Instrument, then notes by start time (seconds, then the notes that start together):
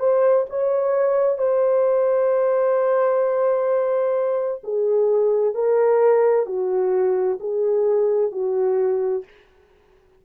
horn
0.00 C5
0.50 C#5
1.38 C5
4.64 G#4
5.55 A#4
6.47 F#4
7.41 G#4
8.32 F#4